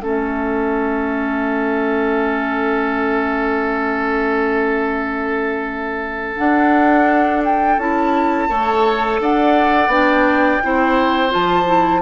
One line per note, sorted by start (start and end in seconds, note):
0.00 6.35 A3
0.00 6.37 C#4
0.00 8.50 A4
0.00 6.37 E5
6.37 7.78 D4
6.37 7.43 F#5
7.45 7.80 G5
7.78 8.49 C#4
7.78 8.50 E4
7.78 9.21 A5
8.49 9.20 A3
8.49 9.91 A4
8.49 9.20 C#5
9.20 9.88 D4
9.20 10.64 D5
9.20 9.92 F#5
9.88 10.58 B3
9.88 10.62 D4
9.88 11.33 G5
10.63 11.35 C4
10.63 11.30 E4
10.63 12.02 C5
11.30 12.02 F3
11.30 11.65 F4
11.30 12.02 A5
11.66 12.01 E4